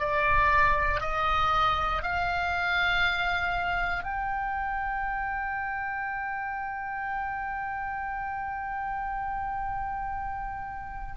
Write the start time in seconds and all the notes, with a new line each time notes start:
0.00 D5
1.01 D#5
2.03 F5
4.04 G5